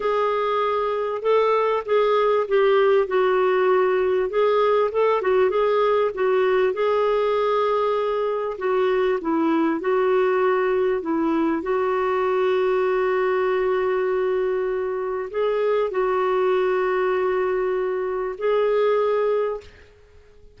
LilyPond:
\new Staff \with { instrumentName = "clarinet" } { \time 4/4 \tempo 4 = 98 gis'2 a'4 gis'4 | g'4 fis'2 gis'4 | a'8 fis'8 gis'4 fis'4 gis'4~ | gis'2 fis'4 e'4 |
fis'2 e'4 fis'4~ | fis'1~ | fis'4 gis'4 fis'2~ | fis'2 gis'2 | }